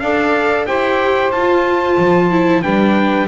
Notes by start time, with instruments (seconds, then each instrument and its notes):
0.00 double bass D4, viola A4, saxophone D5, trumpet F5
0.67 double bass E4, viola G4, saxophone C5, trumpet G5
1.32 double bass F4, viola F4, trumpet A5
1.98 double bass F3
2.31 viola E4
2.63 double bass G3, viola D4, saxophone B4, trumpet G5